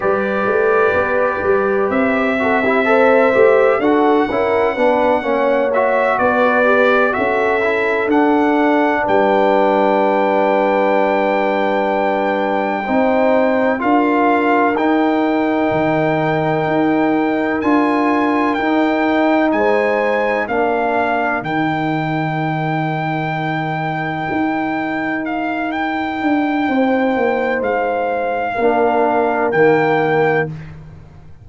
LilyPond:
<<
  \new Staff \with { instrumentName = "trumpet" } { \time 4/4 \tempo 4 = 63 d''2 e''2 | fis''2 e''8 d''4 e''8~ | e''8 fis''4 g''2~ g''8~ | g''2~ g''8 f''4 g''8~ |
g''2~ g''8 gis''4 g''8~ | g''8 gis''4 f''4 g''4.~ | g''2~ g''8 f''8 g''4~ | g''4 f''2 g''4 | }
  \new Staff \with { instrumentName = "horn" } { \time 4/4 b'2~ b'8 a'16 g'16 c''4 | a'8 ais'8 b'8 cis''4 b'4 a'8~ | a'4. b'2~ b'8~ | b'4. c''4 ais'4.~ |
ais'1~ | ais'8 c''4 ais'2~ ais'8~ | ais'1 | c''2 ais'2 | }
  \new Staff \with { instrumentName = "trombone" } { \time 4/4 g'2~ g'8 fis'16 e'16 a'8 g'8 | fis'8 e'8 d'8 cis'8 fis'4 g'8 fis'8 | e'8 d'2.~ d'8~ | d'4. dis'4 f'4 dis'8~ |
dis'2~ dis'8 f'4 dis'8~ | dis'4. d'4 dis'4.~ | dis'1~ | dis'2 d'4 ais4 | }
  \new Staff \with { instrumentName = "tuba" } { \time 4/4 g8 a8 b8 g8 c'4. a8 | d'8 cis'8 b8 ais4 b4 cis'8~ | cis'8 d'4 g2~ g8~ | g4. c'4 d'4 dis'8~ |
dis'8 dis4 dis'4 d'4 dis'8~ | dis'8 gis4 ais4 dis4.~ | dis4. dis'2 d'8 | c'8 ais8 gis4 ais4 dis4 | }
>>